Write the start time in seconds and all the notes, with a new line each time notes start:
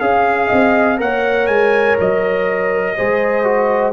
0.00 C#4 G#4 F5
0.48 C4 D#5
0.97 A#3 A#4 C#5 F#5
1.47 G#3 G#5
2.00 F#3 D#5
2.97 G#3 G#4 C5
3.44 F#4